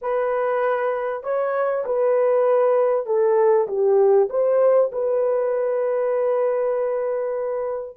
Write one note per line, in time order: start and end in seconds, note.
0.01 1.23 B4
1.23 1.84 C#5
1.85 3.06 B4
3.06 3.67 A4
3.67 4.28 G4
4.29 4.90 C5
4.91 7.96 B4